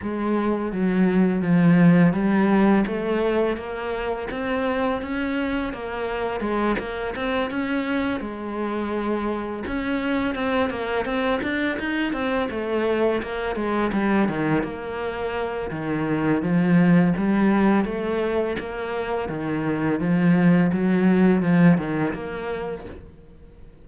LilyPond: \new Staff \with { instrumentName = "cello" } { \time 4/4 \tempo 4 = 84 gis4 fis4 f4 g4 | a4 ais4 c'4 cis'4 | ais4 gis8 ais8 c'8 cis'4 gis8~ | gis4. cis'4 c'8 ais8 c'8 |
d'8 dis'8 c'8 a4 ais8 gis8 g8 | dis8 ais4. dis4 f4 | g4 a4 ais4 dis4 | f4 fis4 f8 dis8 ais4 | }